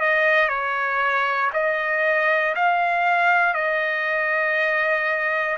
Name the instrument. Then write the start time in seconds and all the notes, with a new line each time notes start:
trumpet
0.00 D#5
0.49 C#5
1.53 D#5
2.56 F5
3.54 D#5